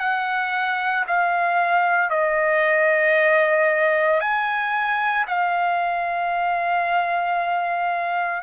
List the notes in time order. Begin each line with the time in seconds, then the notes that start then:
0.00 F#5
1.07 F5
2.10 D#5
4.21 G#5
5.28 F5